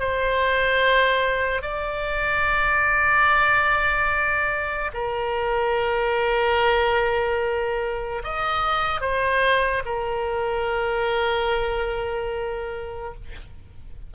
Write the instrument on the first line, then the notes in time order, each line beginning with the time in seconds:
oboe
0.00 C5
1.63 D5
4.94 A#4
8.24 D#5
9.01 C5
9.86 A#4